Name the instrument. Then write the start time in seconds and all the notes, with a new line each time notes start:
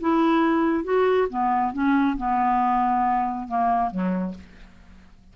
clarinet
0.00 E4
0.84 F#4
1.29 B3
1.73 C#4
2.17 B3
3.48 A#3
3.91 F#3